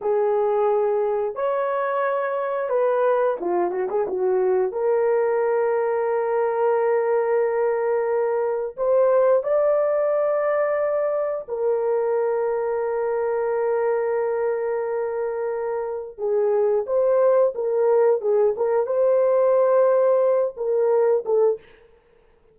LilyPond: \new Staff \with { instrumentName = "horn" } { \time 4/4 \tempo 4 = 89 gis'2 cis''2 | b'4 f'8 fis'16 gis'16 fis'4 ais'4~ | ais'1~ | ais'4 c''4 d''2~ |
d''4 ais'2.~ | ais'1 | gis'4 c''4 ais'4 gis'8 ais'8 | c''2~ c''8 ais'4 a'8 | }